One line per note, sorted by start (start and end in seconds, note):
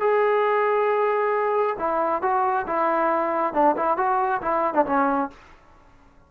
0.00 1.76 G#4
1.79 2.22 E4
2.22 2.66 F#4
2.67 3.53 E4
3.53 3.75 D4
3.76 3.97 E4
3.97 4.41 F#4
4.42 4.74 E4
4.74 4.85 D4
4.86 5.30 C#4